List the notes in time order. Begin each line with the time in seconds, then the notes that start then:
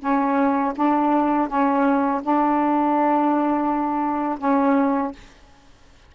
0.00 C#4
0.76 D4
1.48 C#4
2.22 D4
4.38 C#4